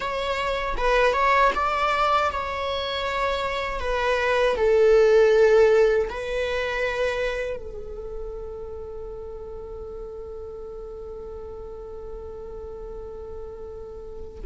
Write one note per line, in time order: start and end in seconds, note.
0.00 0.75 C#5
0.77 1.13 B4
1.13 1.51 C#5
1.54 2.30 D5
2.31 3.80 C#5
3.80 4.56 B4
4.56 6.08 A4
6.09 7.56 B4
7.56 14.40 A4